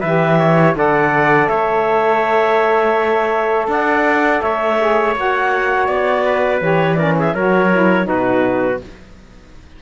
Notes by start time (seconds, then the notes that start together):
0.00 E3 G4 B4 E5
0.38 C#5
0.75 D3 A4 D5 F#5
1.47 A3 C#5 E5
3.67 D4 D5 F#5
4.41 A3 C#5 E5
4.79 G#4
5.15 A#3 F#4 F#5
5.86 B3 D5
6.24 B4
6.61 E3 G4 C#5
6.94 C#4 A#4 D5
7.18 G#4 E5
7.34 F#3 F#4 A#4 C#5
7.72 E4
8.03 B2 D#4 F#4 B4